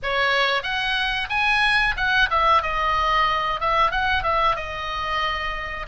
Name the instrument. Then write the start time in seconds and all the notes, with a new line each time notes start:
oboe
0.02 C#5
0.62 F#5
1.29 G#5
1.96 F#5
2.30 E5
2.62 D#5
3.60 E5
3.91 F#5
4.23 E5
4.56 D#5